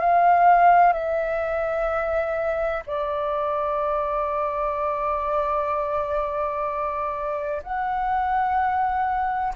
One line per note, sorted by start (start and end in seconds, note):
0.00 0.93 F5
0.93 2.84 E5
2.86 7.62 D5
7.63 9.54 F#5